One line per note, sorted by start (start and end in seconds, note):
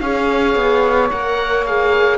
0.00 0.55 C#4
0.00 1.11 G#4
0.00 2.18 C#5
0.00 1.09 F5
0.55 1.10 B3
1.11 2.18 A#3
1.11 1.66 A#4
1.11 1.65 F#5
1.66 2.18 G#4
1.66 2.18 F5